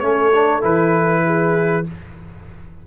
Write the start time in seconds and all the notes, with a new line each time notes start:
0.00 A3 C#4 A4 C#5
0.34 D4
0.61 E3 E4 B4
1.25 G#4